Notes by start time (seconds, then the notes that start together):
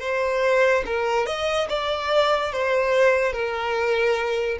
0.00 C5
0.85 A#4
1.26 D#5
1.69 D5
2.52 C5
3.32 A#4